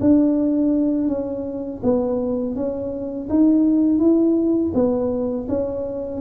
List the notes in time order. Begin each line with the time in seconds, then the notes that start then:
0.00 D4
1.08 C#4
1.83 B3
2.55 C#4
3.29 D#4
3.99 E4
4.74 B3
5.48 C#4